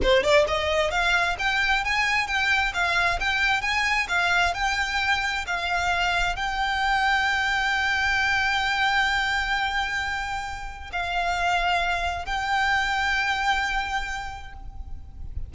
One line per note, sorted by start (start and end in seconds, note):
0.02 0.23 C5
0.23 0.45 D5
0.47 0.90 D#5
0.90 1.36 F5
1.38 1.84 G5
1.84 2.27 G#5
2.27 2.72 G5
2.73 3.19 F5
3.20 3.61 G5
3.61 4.07 G#5
4.08 4.53 F5
4.54 5.45 G5
5.47 6.36 F5
6.36 10.90 G5
10.92 12.25 F5
12.25 14.53 G5